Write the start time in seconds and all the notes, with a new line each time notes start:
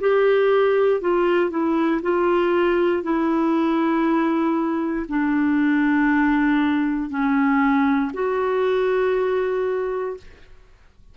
0.00 G4
1.01 F4
1.50 E4
2.02 F4
3.03 E4
5.08 D4
7.10 C#4
8.14 F#4